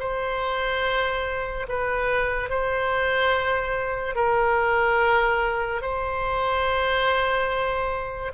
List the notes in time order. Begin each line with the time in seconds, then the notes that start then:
0.00 C5
1.69 B4
2.50 C5
4.16 A#4
5.82 C5